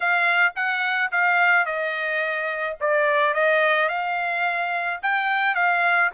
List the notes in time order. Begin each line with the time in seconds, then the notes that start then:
0.00 F5
0.55 F#5
1.11 F5
1.65 D#5
2.80 D5
3.33 D#5
3.88 F5
5.02 G5
5.54 F5